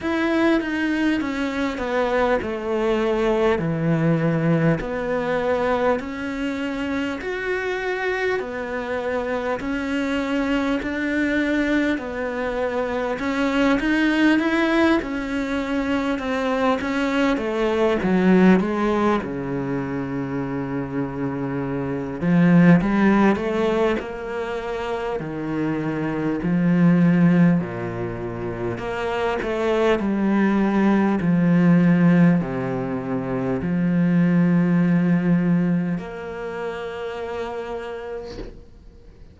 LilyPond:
\new Staff \with { instrumentName = "cello" } { \time 4/4 \tempo 4 = 50 e'8 dis'8 cis'8 b8 a4 e4 | b4 cis'4 fis'4 b4 | cis'4 d'4 b4 cis'8 dis'8 | e'8 cis'4 c'8 cis'8 a8 fis8 gis8 |
cis2~ cis8 f8 g8 a8 | ais4 dis4 f4 ais,4 | ais8 a8 g4 f4 c4 | f2 ais2 | }